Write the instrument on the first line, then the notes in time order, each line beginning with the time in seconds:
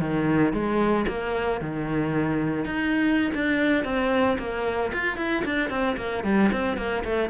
cello
0.00 D#3
0.53 G#3
1.08 A#3
1.61 D#3
2.65 D#4
3.34 D4
3.84 C4
4.38 A#3
4.93 F4
5.17 E4
5.45 D4
5.70 C4
5.97 A#3
6.24 G3
6.52 C4
6.77 A#3
7.04 A3